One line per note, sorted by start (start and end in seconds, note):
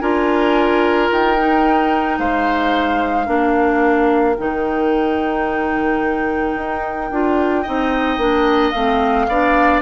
0.00 1.10 D4
0.00 1.37 F4
0.00 2.19 A#4
0.00 1.09 G#5
1.12 2.19 D#4
1.12 2.19 G5
1.38 3.26 D#4
2.19 3.27 G#3
2.19 3.26 C5
2.19 4.36 F5
3.26 4.37 A#3
3.26 4.35 D4
3.26 7.62 A#4
4.36 6.56 D#3
4.36 7.11 D#4
4.36 8.71 G5
6.56 7.10 D#4
7.11 7.65 D4
7.11 7.65 F4
7.62 8.17 C4
7.62 8.19 D#4
7.62 9.26 D#5
8.17 8.72 A#3
8.17 8.74 D4
8.71 9.28 A3
8.71 9.29 C4
8.71 9.80 F5
9.28 9.82 B3
9.28 9.82 D4
9.28 9.82 D5